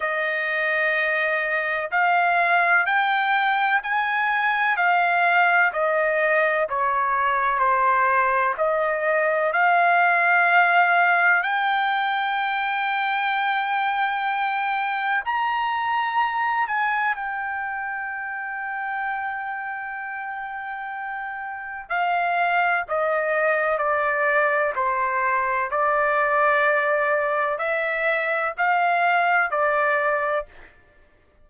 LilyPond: \new Staff \with { instrumentName = "trumpet" } { \time 4/4 \tempo 4 = 63 dis''2 f''4 g''4 | gis''4 f''4 dis''4 cis''4 | c''4 dis''4 f''2 | g''1 |
ais''4. gis''8 g''2~ | g''2. f''4 | dis''4 d''4 c''4 d''4~ | d''4 e''4 f''4 d''4 | }